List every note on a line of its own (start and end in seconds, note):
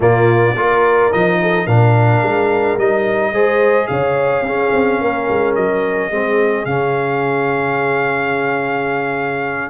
0.00 0.55 A#2
0.00 0.55 A#3
0.00 0.56 F4
0.00 1.12 D5
0.56 1.11 A#3
0.56 1.11 F4
0.56 1.40 A#4
1.12 1.66 F3
1.12 1.67 D#4
1.12 1.66 D#5
1.41 1.66 A4
1.66 2.22 A#2
1.66 2.78 D4
1.66 3.32 A#4
1.66 2.77 F5
2.22 2.77 G#3
2.77 3.32 G3
2.77 3.34 D#4
2.77 3.87 D#5
3.32 3.88 G#3
3.32 4.45 G#4
3.32 3.89 C5
3.87 4.41 C#3
3.87 4.45 C#5
3.87 5.54 F5
4.41 4.69 C#4
4.41 6.11 C#4
4.41 5.00 G#4
4.72 5.00 C4
5.00 5.28 A#3
5.00 6.11 A#4
5.29 5.56 G#3
5.55 6.10 F#3
5.55 6.65 D#5
6.10 6.65 G#3
6.10 6.67 C4
6.10 9.70 G#4
6.65 9.70 C#3
6.65 9.70 C#4
6.65 9.70 F5